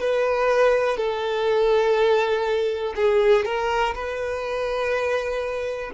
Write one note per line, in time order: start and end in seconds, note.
0.00 0.97 B4
0.97 2.93 A4
2.96 3.45 G#4
3.45 3.94 A#4
3.94 5.91 B4